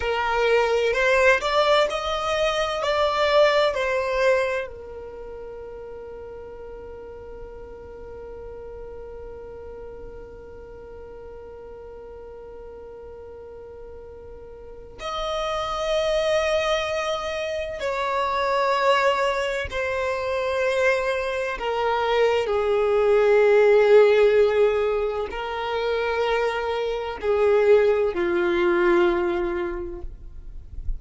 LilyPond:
\new Staff \with { instrumentName = "violin" } { \time 4/4 \tempo 4 = 64 ais'4 c''8 d''8 dis''4 d''4 | c''4 ais'2.~ | ais'1~ | ais'1 |
dis''2. cis''4~ | cis''4 c''2 ais'4 | gis'2. ais'4~ | ais'4 gis'4 f'2 | }